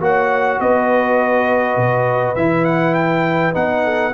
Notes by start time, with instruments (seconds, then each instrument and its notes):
0.00 tuba A#3, trombone F#4, horn C#5, trumpet F#5
0.60 tuba B3, horn B4, trumpet D#5
1.77 tuba B2
2.35 tuba E3, trombone E4, trumpet E5
2.65 trumpet F#5
2.94 trumpet G5
3.53 tuba B3, trombone D#4, trumpet F#5
3.83 horn A4